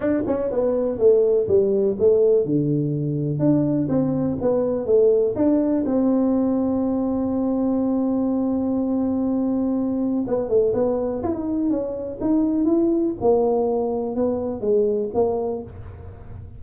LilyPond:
\new Staff \with { instrumentName = "tuba" } { \time 4/4 \tempo 4 = 123 d'8 cis'8 b4 a4 g4 | a4 d2 d'4 | c'4 b4 a4 d'4 | c'1~ |
c'1~ | c'4 b8 a8 b4 e'16 dis'8. | cis'4 dis'4 e'4 ais4~ | ais4 b4 gis4 ais4 | }